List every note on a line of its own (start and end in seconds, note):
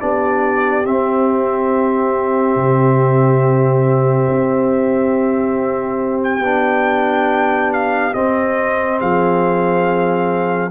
0.00 0.86 B3
0.00 0.84 D4
0.00 9.00 G4
0.00 0.86 D5
0.84 6.41 C4
0.84 2.56 C4
0.84 6.22 E5
2.56 4.27 C3
4.29 6.41 C4
6.24 7.73 G5
6.41 8.12 B3
6.41 8.14 D4
7.73 8.14 F5
8.14 10.71 C4
8.14 9.01 C4
8.14 9.00 D#5
9.00 10.71 F3
9.00 10.71 G#4
9.00 10.71 F5